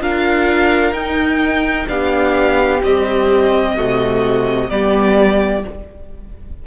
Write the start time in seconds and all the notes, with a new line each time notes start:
0.00 D4 F4 A#4 F5
0.92 D#4 G5
1.87 B3 D4 G4 F5
2.83 G3 C4 D#5
3.75 C3 A3 F#4
4.70 G3 B3 G4 D5